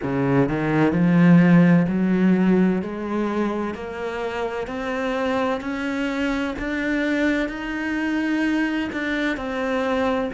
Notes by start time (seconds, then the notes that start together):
0.03 C#3
0.49 D#3
0.92 F3
1.88 F#3
2.82 G#3
3.74 A#3
4.67 C4
5.60 C#4
6.58 D4
7.48 D#4
8.92 D4
9.36 C4